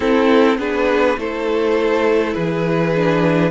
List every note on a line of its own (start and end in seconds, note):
0.00 0.57 C4
0.00 0.58 C4
0.00 0.58 E4
0.00 0.57 A4
0.57 1.16 B3
0.57 1.17 D4
0.57 1.17 G#4
0.57 1.19 B4
1.17 2.35 A3
1.17 2.93 E4
1.17 2.34 A4
1.17 2.33 C5
2.33 3.50 E3
2.33 3.50 G#4
2.33 3.50 B4
2.95 3.50 D4